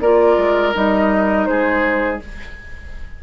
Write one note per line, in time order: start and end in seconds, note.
0.00 0.37 A#3
0.00 0.73 F4
0.00 1.48 A#4
0.00 0.73 D5
0.37 0.73 G#3
0.73 1.47 G3
0.73 2.19 D#4
0.73 1.45 D#5
1.45 2.20 G#3
1.45 2.22 G#4
1.45 2.19 C5